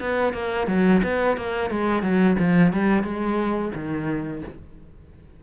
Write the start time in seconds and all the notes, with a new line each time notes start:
0.00 B3
0.33 A#3
0.67 F#3
1.03 B3
1.37 A#3
1.70 G#3
2.02 F#3
2.39 F3
2.73 G3
3.03 G#3
3.75 D#3